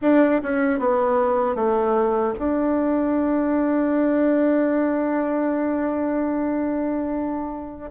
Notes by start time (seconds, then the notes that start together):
0.01 D4
0.42 C#4
0.79 B3
1.55 A3
2.38 D4